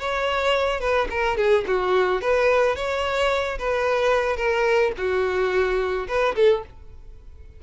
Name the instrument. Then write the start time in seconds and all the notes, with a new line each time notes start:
violin
0.00 C#5
0.81 B4
1.11 A#4
1.37 G#4
1.67 F#4
2.22 B4
2.76 C#5
3.59 B4
4.37 A#4
4.98 F#4
6.08 B4
6.36 A4